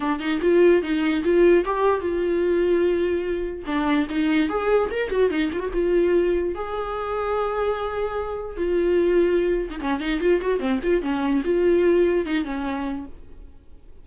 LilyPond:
\new Staff \with { instrumentName = "viola" } { \time 4/4 \tempo 4 = 147 d'8 dis'8 f'4 dis'4 f'4 | g'4 f'2.~ | f'4 d'4 dis'4 gis'4 | ais'8 fis'8 dis'8 f'16 fis'16 f'2 |
gis'1~ | gis'4 f'2~ f'8. dis'16 | cis'8 dis'8 f'8 fis'8 c'8 f'8 cis'4 | f'2 dis'8 cis'4. | }